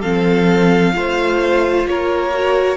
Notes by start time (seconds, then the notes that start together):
0.00 F3 C4 A4 F5
0.93 A3 F4 C5
1.84 A#3 A#4 C#5
2.34 F#4